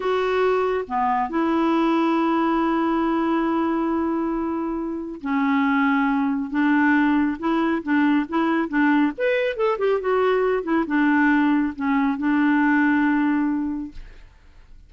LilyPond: \new Staff \with { instrumentName = "clarinet" } { \time 4/4 \tempo 4 = 138 fis'2 b4 e'4~ | e'1~ | e'1 | cis'2. d'4~ |
d'4 e'4 d'4 e'4 | d'4 b'4 a'8 g'8 fis'4~ | fis'8 e'8 d'2 cis'4 | d'1 | }